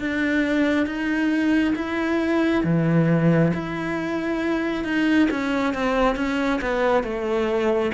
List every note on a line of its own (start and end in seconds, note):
0.00 0.86 D4
0.86 1.74 D#4
1.76 2.64 E4
2.64 3.53 E3
3.54 4.85 E4
4.85 5.29 D#4
5.31 5.74 C#4
5.74 6.16 C4
6.16 6.61 C#4
6.62 7.03 B3
7.03 7.92 A3